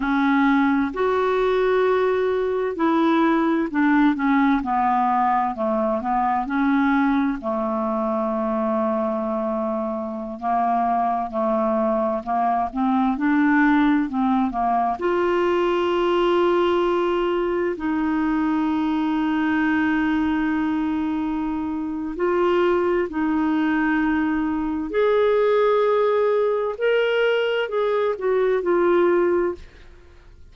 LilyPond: \new Staff \with { instrumentName = "clarinet" } { \time 4/4 \tempo 4 = 65 cis'4 fis'2 e'4 | d'8 cis'8 b4 a8 b8 cis'4 | a2.~ a16 ais8.~ | ais16 a4 ais8 c'8 d'4 c'8 ais16~ |
ais16 f'2. dis'8.~ | dis'1 | f'4 dis'2 gis'4~ | gis'4 ais'4 gis'8 fis'8 f'4 | }